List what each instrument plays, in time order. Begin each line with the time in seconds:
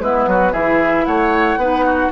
0.00 bassoon G#3, clarinet B3, oboe E4, flute B4
0.27 bassoon F#3, oboe F#4
0.52 bassoon E3, clarinet E4, oboe G#4, flute E5
1.05 bassoon A3, oboe C#5, flute F#5
1.57 bassoon B3, clarinet D#4, oboe B4
1.85 oboe F#4